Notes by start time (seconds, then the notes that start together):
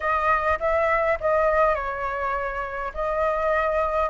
0.00 D#5
0.59 E5
1.20 D#5
1.75 C#5
2.94 D#5